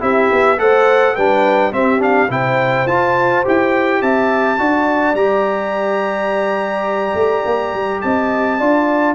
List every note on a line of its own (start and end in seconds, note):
0.00 0.30 C4
0.00 0.57 E4
0.00 0.58 G4
0.00 0.59 E5
0.32 0.59 B3
0.58 1.16 A3
0.58 1.15 A4
0.58 1.15 C5
0.58 1.16 F#5
1.15 1.72 G3
1.15 1.72 D4
1.15 1.72 B4
1.15 1.73 G5
1.72 1.99 C4
1.72 2.30 C4
1.72 2.31 G4
1.72 2.02 E5
1.99 2.27 D4
1.99 2.31 F5
2.30 2.86 C3
2.30 2.87 E4
2.30 4.02 C5
2.30 2.87 G5
2.86 3.43 F4
2.86 3.45 F4
2.86 3.45 A5
3.45 4.02 E4
3.45 4.59 G4
3.45 4.02 G5
4.02 4.59 C4
4.02 4.59 E5
4.02 5.15 A5
4.59 5.14 D4
4.59 5.16 F#4
4.59 8.03 D5
5.14 7.14 G3
5.14 8.60 G4
5.14 8.01 A#5
7.14 7.43 A3
7.45 7.73 A#3
7.73 8.02 G3
8.01 8.60 C4
8.01 8.59 D#5
8.01 9.15 A5
8.59 9.15 D4
8.59 9.15 F4
8.59 9.15 D5